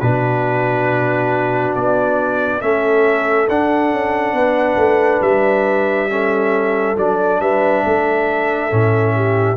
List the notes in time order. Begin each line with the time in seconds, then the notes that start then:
0.00 B2 D4 F#4 B4
1.75 B3 D5
2.61 A3 C#4 A4 E5
3.48 D4 F#5
3.92 C#4
4.33 B3 B4
4.76 A3
5.21 G3 E5
6.09 C#4 A4
6.97 F#3 D4 D5
7.40 G3 B4 E5
7.85 A3 A4
8.70 A2 C#4
9.15 G4